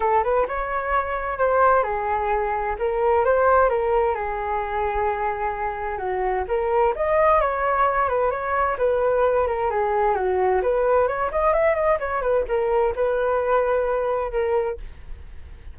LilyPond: \new Staff \with { instrumentName = "flute" } { \time 4/4 \tempo 4 = 130 a'8 b'8 cis''2 c''4 | gis'2 ais'4 c''4 | ais'4 gis'2.~ | gis'4 fis'4 ais'4 dis''4 |
cis''4. b'8 cis''4 b'4~ | b'8 ais'8 gis'4 fis'4 b'4 | cis''8 dis''8 e''8 dis''8 cis''8 b'8 ais'4 | b'2. ais'4 | }